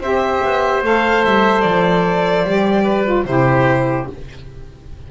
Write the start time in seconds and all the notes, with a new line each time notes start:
0.00 C4 G4 C5 E5
0.44 B3
0.82 A3 A4 F5
1.24 G3 E5
1.61 F3 D5
2.44 G3 G4
2.84 B4
3.05 F4
3.25 C3 E4 G4 C5